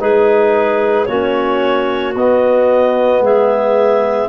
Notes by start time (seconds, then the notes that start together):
0.00 G#3 D#4 G#4 B4
1.06 A#3 C#4 F#4 C#5
2.15 B3 D#5
3.20 G#3 G#4 E5